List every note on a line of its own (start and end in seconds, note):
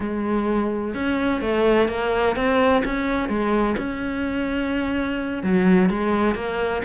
0.00 0.94 G#3
0.94 1.41 C#4
1.41 1.88 A3
1.88 2.35 A#3
2.35 2.83 C4
2.85 3.29 C#4
3.29 3.76 G#3
3.77 5.43 C#4
5.43 5.89 F#3
5.89 6.35 G#3
6.35 6.82 A#3